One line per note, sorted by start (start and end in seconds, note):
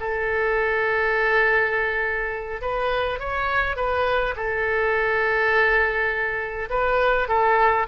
0.00 2.62 A4
2.62 3.20 B4
3.20 3.77 C#5
3.77 4.35 B4
4.36 6.69 A4
6.70 7.28 B4
7.29 7.87 A4